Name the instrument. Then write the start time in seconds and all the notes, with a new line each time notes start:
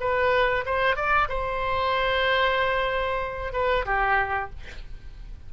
oboe
0.00 B4
0.65 C5
0.96 D5
1.28 C5
3.52 B4
3.85 G4